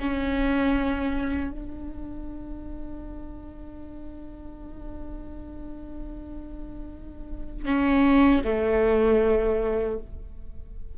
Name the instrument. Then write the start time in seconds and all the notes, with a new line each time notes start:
viola
0.00 C#4
1.51 D4
7.65 C#4
8.44 A3